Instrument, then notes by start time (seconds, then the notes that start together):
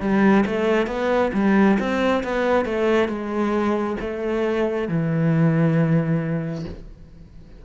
cello
0.00 G3
0.46 A3
0.87 B3
1.34 G3
1.79 C4
2.23 B3
2.65 A3
3.08 G#3
4.00 A3
4.88 E3